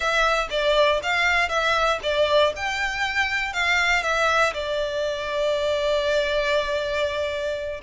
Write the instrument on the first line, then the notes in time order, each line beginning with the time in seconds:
violin
0.00 E5
0.50 D5
1.02 F5
1.49 E5
2.03 D5
2.56 G5
3.53 F5
4.02 E5
4.53 D5